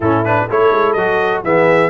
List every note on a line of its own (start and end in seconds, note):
0.00 0.46 A2
0.00 0.24 C#4
0.00 0.48 E4
0.00 0.24 A4
0.24 0.48 D4
0.24 0.48 B4
0.49 0.71 A3
0.49 0.97 E4
0.49 1.44 A4
0.49 0.93 C#5
0.71 0.94 G#3
0.93 1.42 F#3
0.93 1.44 F#4
0.93 1.41 D#5
1.43 1.90 E3
1.43 1.90 B3
1.43 1.90 G#4
1.43 1.90 E5